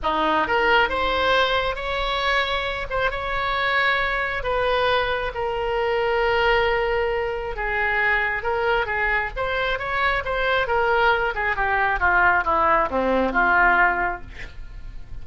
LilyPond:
\new Staff \with { instrumentName = "oboe" } { \time 4/4 \tempo 4 = 135 dis'4 ais'4 c''2 | cis''2~ cis''8 c''8 cis''4~ | cis''2 b'2 | ais'1~ |
ais'4 gis'2 ais'4 | gis'4 c''4 cis''4 c''4 | ais'4. gis'8 g'4 f'4 | e'4 c'4 f'2 | }